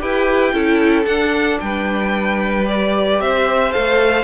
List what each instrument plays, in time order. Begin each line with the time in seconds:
0.00 cello E4, viola G4, violin B4 G5
0.53 cello C#4, viola E4, violin A4
1.04 viola D4, cello D4, violin F#5
1.60 cello G3, violin B4 G5
2.65 viola G4, violin D5
3.20 cello C4, violin C5 E5
3.70 viola A4, violin F5
3.76 cello A3